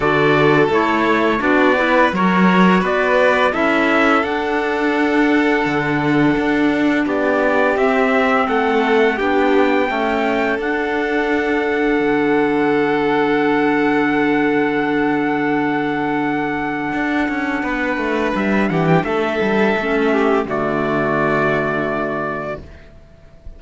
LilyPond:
<<
  \new Staff \with { instrumentName = "trumpet" } { \time 4/4 \tempo 4 = 85 d''4 cis''4 d''4 cis''4 | d''4 e''4 fis''2~ | fis''2 d''4 e''4 | fis''4 g''2 fis''4~ |
fis''1~ | fis''1~ | fis''2 e''8 fis''16 g''16 e''4~ | e''4 d''2. | }
  \new Staff \with { instrumentName = "violin" } { \time 4/4 a'2 fis'8 b'8 ais'4 | b'4 a'2.~ | a'2 g'2 | a'4 g'4 a'2~ |
a'1~ | a'1~ | a'4 b'4. g'8 a'4~ | a'8 g'8 fis'2. | }
  \new Staff \with { instrumentName = "clarinet" } { \time 4/4 fis'4 e'4 d'8 e'8 fis'4~ | fis'4 e'4 d'2~ | d'2. c'4~ | c'4 d'4 a4 d'4~ |
d'1~ | d'1~ | d'1 | cis'4 a2. | }
  \new Staff \with { instrumentName = "cello" } { \time 4/4 d4 a4 b4 fis4 | b4 cis'4 d'2 | d4 d'4 b4 c'4 | a4 b4 cis'4 d'4~ |
d'4 d2.~ | d1 | d'8 cis'8 b8 a8 g8 e8 a8 g8 | a4 d2. | }
>>